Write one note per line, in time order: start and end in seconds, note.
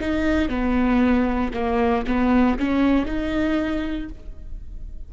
0.00 0.48 D#4
0.48 1.52 B3
1.53 2.05 A#3
2.06 2.58 B3
2.58 3.05 C#4
3.05 4.09 D#4